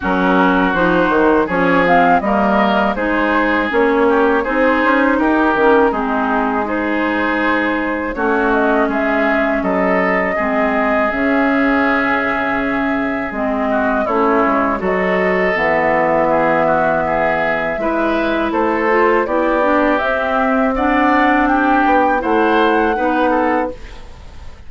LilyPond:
<<
  \new Staff \with { instrumentName = "flute" } { \time 4/4 \tempo 4 = 81 ais'4 c''4 cis''8 f''8 dis''4 | c''4 cis''4 c''4 ais'4 | gis'4 c''2 cis''8 dis''8 | e''4 dis''2 e''4~ |
e''2 dis''4 cis''4 | dis''4 e''2.~ | e''4 c''4 d''4 e''4 | fis''4 g''4 fis''2 | }
  \new Staff \with { instrumentName = "oboe" } { \time 4/4 fis'2 gis'4 ais'4 | gis'4. g'8 gis'4 g'4 | dis'4 gis'2 fis'4 | gis'4 a'4 gis'2~ |
gis'2~ gis'8 fis'8 e'4 | a'2 gis'8 fis'8 gis'4 | b'4 a'4 g'2 | d''4 g'4 c''4 b'8 a'8 | }
  \new Staff \with { instrumentName = "clarinet" } { \time 4/4 cis'4 dis'4 cis'8 c'8 ais4 | dis'4 cis'4 dis'4. cis'8 | c'4 dis'2 cis'4~ | cis'2 c'4 cis'4~ |
cis'2 c'4 cis'4 | fis'4 b2. | e'4. f'8 e'8 d'8 c'4 | d'2 e'4 dis'4 | }
  \new Staff \with { instrumentName = "bassoon" } { \time 4/4 fis4 f8 dis8 f4 g4 | gis4 ais4 c'8 cis'8 dis'8 dis8 | gis2. a4 | gis4 fis4 gis4 cis4~ |
cis2 gis4 a8 gis8 | fis4 e2. | gis4 a4 b4 c'4~ | c'4. b8 a4 b4 | }
>>